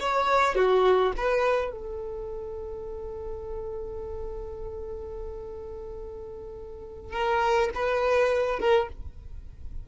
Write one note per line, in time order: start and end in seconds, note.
0.00 0.56 C#5
0.56 1.13 F#4
1.17 1.72 B4
1.72 7.13 A4
7.13 7.70 A#4
7.75 8.60 B4
8.60 8.88 A#4